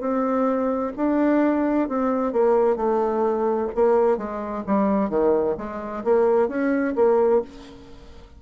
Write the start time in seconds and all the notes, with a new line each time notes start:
0.00 C4
0.97 D4
1.88 C4
2.32 A#3
2.76 A3
3.75 A#3
4.17 G#3
4.67 G3
5.09 D#3
5.57 G#3
6.04 A#3
6.48 C#4
6.95 A#3